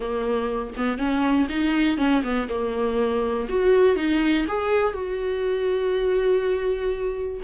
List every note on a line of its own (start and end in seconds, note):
0.00 0.73 A#3
0.76 0.98 B3
0.98 1.47 C#4
1.49 1.97 D#4
1.97 2.22 C#4
2.23 2.48 B3
2.48 3.47 A#3
3.48 3.96 F#4
3.96 4.45 D#4
4.48 4.93 G#4
4.93 7.41 F#4